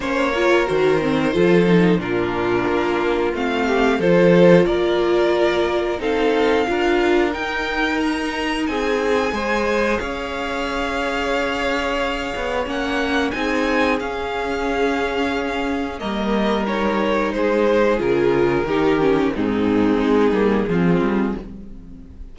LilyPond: <<
  \new Staff \with { instrumentName = "violin" } { \time 4/4 \tempo 4 = 90 cis''4 c''2 ais'4~ | ais'4 f''4 c''4 d''4~ | d''4 f''2 g''4 | ais''4 gis''2 f''4~ |
f''2. fis''4 | gis''4 f''2. | dis''4 cis''4 c''4 ais'4~ | ais'4 gis'2. | }
  \new Staff \with { instrumentName = "violin" } { \time 4/4 c''8 ais'4. a'4 f'4~ | f'4. g'8 a'4 ais'4~ | ais'4 a'4 ais'2~ | ais'4 gis'4 c''4 cis''4~ |
cis''1 | gis'1 | ais'2 gis'2 | g'4 dis'2 f'4 | }
  \new Staff \with { instrumentName = "viola" } { \time 4/4 cis'8 f'8 fis'8 c'8 f'8 dis'8 d'4~ | d'4 c'4 f'2~ | f'4 dis'4 f'4 dis'4~ | dis'2 gis'2~ |
gis'2. cis'4 | dis'4 cis'2. | ais4 dis'2 f'4 | dis'8 cis'8 c'4. ais8 c'4 | }
  \new Staff \with { instrumentName = "cello" } { \time 4/4 ais4 dis4 f4 ais,4 | ais4 a4 f4 ais4~ | ais4 c'4 d'4 dis'4~ | dis'4 c'4 gis4 cis'4~ |
cis'2~ cis'8 b8 ais4 | c'4 cis'2. | g2 gis4 cis4 | dis4 gis,4 gis8 g8 f8 g8 | }
>>